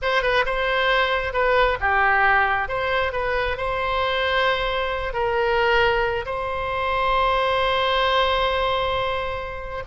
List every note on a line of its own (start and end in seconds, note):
0.01 0.22 C5
0.22 0.44 B4
0.45 1.33 C5
1.33 1.78 B4
1.80 2.68 G4
2.68 3.12 C5
3.12 3.57 B4
3.57 5.13 C5
5.13 6.25 A#4
6.25 9.83 C5